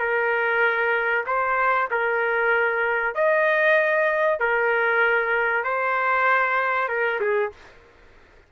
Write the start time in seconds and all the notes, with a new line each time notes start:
0.00 A#4
1.26 C5
1.91 A#4
3.15 D#5
4.40 A#4
5.64 C5
6.89 A#4
7.21 G#4